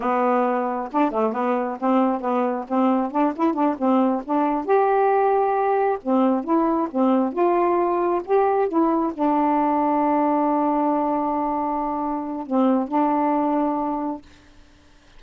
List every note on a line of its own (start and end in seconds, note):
0.00 0.89 B3
0.92 1.11 D4
1.11 1.33 A3
1.33 1.77 B3
1.79 2.21 C4
2.21 2.65 B3
2.68 3.11 C4
3.11 3.33 D4
3.36 3.53 E4
3.53 3.75 D4
3.78 4.22 C4
4.24 4.65 D4
4.65 5.98 G4
6.02 6.43 C4
6.43 6.88 E4
6.90 7.32 C4
7.32 8.21 F4
8.24 8.68 G4
8.68 9.13 E4
9.13 12.46 D4
12.46 12.88 C4
12.88 14.21 D4